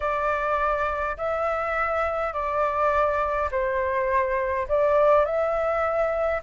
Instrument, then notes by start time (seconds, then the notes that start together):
flute
0.00 D5
1.17 E5
2.33 D5
3.51 C5
4.68 D5
5.25 E5